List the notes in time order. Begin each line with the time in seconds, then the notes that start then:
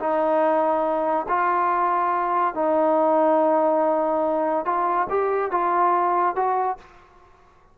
0.00 D#4
1.29 F4
2.55 D#4
4.66 F4
5.10 G4
5.51 F4
6.36 F#4